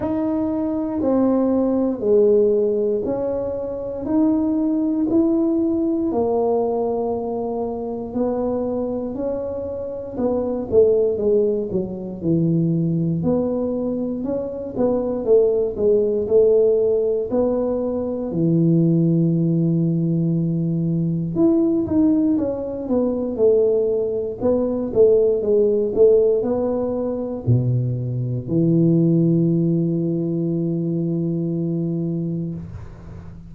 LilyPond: \new Staff \with { instrumentName = "tuba" } { \time 4/4 \tempo 4 = 59 dis'4 c'4 gis4 cis'4 | dis'4 e'4 ais2 | b4 cis'4 b8 a8 gis8 fis8 | e4 b4 cis'8 b8 a8 gis8 |
a4 b4 e2~ | e4 e'8 dis'8 cis'8 b8 a4 | b8 a8 gis8 a8 b4 b,4 | e1 | }